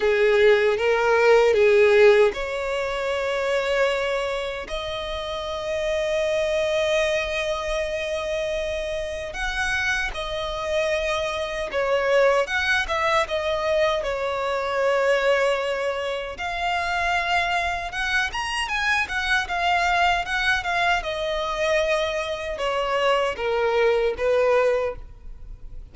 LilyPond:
\new Staff \with { instrumentName = "violin" } { \time 4/4 \tempo 4 = 77 gis'4 ais'4 gis'4 cis''4~ | cis''2 dis''2~ | dis''1 | fis''4 dis''2 cis''4 |
fis''8 e''8 dis''4 cis''2~ | cis''4 f''2 fis''8 ais''8 | gis''8 fis''8 f''4 fis''8 f''8 dis''4~ | dis''4 cis''4 ais'4 b'4 | }